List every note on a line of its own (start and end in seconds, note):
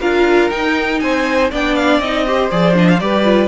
0.00 0.50 D4
0.00 0.49 F4
0.00 1.00 A#4
0.00 0.50 F5
0.49 1.49 D#4
0.49 1.01 D#4
0.49 0.99 G5
0.99 1.51 C4
0.99 1.51 C5
0.99 1.49 G#5
1.51 1.99 B3
1.51 2.03 D4
1.51 2.26 D5
1.51 1.75 G5
1.75 1.99 F5
1.99 2.49 C4
1.99 2.26 D#4
1.99 2.49 D#5
2.26 2.51 G4
2.26 3.03 C5
2.51 3.01 F3
2.51 2.74 G#4
2.51 2.76 D5
2.74 2.99 D4
2.74 2.88 D#5
2.88 2.99 F5
2.99 3.48 G3
2.99 3.24 G4
2.99 3.48 B4
2.99 3.48 D5
3.24 3.48 F4